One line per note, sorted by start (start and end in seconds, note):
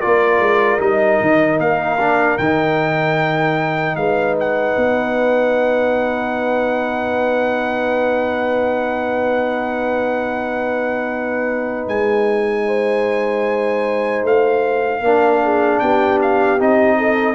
0.00 0.39 A#3
0.00 0.79 F4
0.00 3.95 A#4
0.00 0.80 D5
0.39 0.79 G#3
0.79 1.19 G3
0.79 1.98 D#4
0.79 1.60 D#5
1.21 1.59 D#3
1.59 2.37 A#3
1.59 2.38 F5
1.99 2.39 D4
2.38 3.96 D#3
2.38 15.04 D#4
2.38 3.96 G5
3.96 4.75 G#3
3.96 12.66 B4
3.96 4.35 F5
4.40 11.88 F#5
4.77 11.87 B3
11.87 14.23 G#3
11.87 14.25 G#5
12.66 15.03 C5
14.23 15.01 A3
14.23 15.79 F5
15.01 15.80 A#3
15.01 16.59 D4
15.01 15.43 A#4
15.43 15.81 G#4
15.79 16.60 B3
15.79 16.98 G4
15.79 16.19 G5
16.22 16.61 F5
16.59 17.34 C4
16.59 17.34 D#4
16.59 17.34 D#5
16.98 17.34 A4